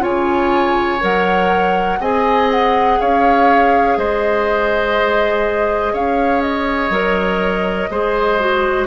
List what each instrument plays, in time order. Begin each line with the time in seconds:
0.00 bassoon C#3, clarinet F4, oboe C#5, flute G#5
1.00 bassoon F#3, clarinet A#4, flute F#5
2.00 bassoon C4, clarinet G#4, oboe D#5, flute G#5
2.51 flute F#5
3.00 bassoon C#4, oboe C#5, flute F5
3.97 bassoon G#3, oboe C5, flute D#5
5.93 bassoon C#4, oboe C#5, flute F5
6.41 flute D#5
6.90 bassoon F#3, clarinet A#4
7.90 bassoon G#3, clarinet G#4, oboe C5
8.39 clarinet F#4